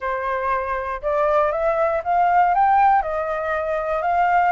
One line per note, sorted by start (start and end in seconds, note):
0.00 1.01 C5
1.02 1.51 D5
1.51 2.02 E5
2.04 2.54 F5
2.54 3.02 G5
3.02 4.02 D#5
4.02 4.51 F5